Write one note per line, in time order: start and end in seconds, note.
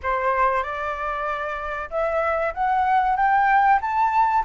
0.02 0.63 C5
0.63 1.89 D5
1.90 2.53 E5
2.53 3.16 F#5
3.16 3.79 G5
3.81 4.44 A5